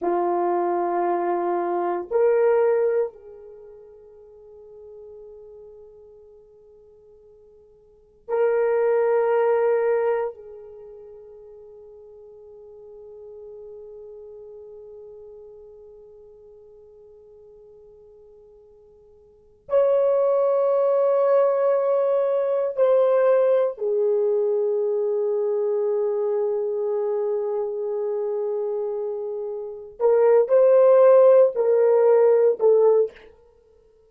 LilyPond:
\new Staff \with { instrumentName = "horn" } { \time 4/4 \tempo 4 = 58 f'2 ais'4 gis'4~ | gis'1 | ais'2 gis'2~ | gis'1~ |
gis'2. cis''4~ | cis''2 c''4 gis'4~ | gis'1~ | gis'4 ais'8 c''4 ais'4 a'8 | }